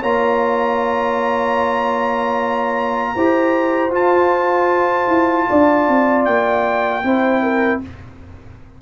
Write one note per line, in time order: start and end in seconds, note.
0.00 3.14 A#3
0.00 3.16 F4
0.00 3.12 C#5
0.00 3.93 A#5
3.15 3.89 E4
3.15 3.91 G4
3.15 5.49 C5
3.89 5.06 F4
3.89 7.03 F4
3.89 6.25 A5
5.08 5.47 E4
5.49 5.88 D4
5.49 7.05 D5
5.88 6.26 C4
6.25 7.04 A#3
6.25 7.81 G5
7.04 7.81 C4
7.04 7.82 E4
7.04 7.43 C5
7.43 7.82 A#4